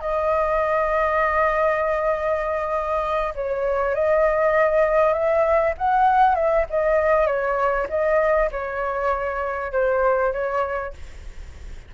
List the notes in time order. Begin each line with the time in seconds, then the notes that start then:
0.00 D#5
3.35 C#5
3.94 D#5
5.13 E5
5.77 F#5
6.35 E5
6.70 D#5
7.26 C#5
7.89 D#5
8.51 C#5
9.72 C5
10.33 C#5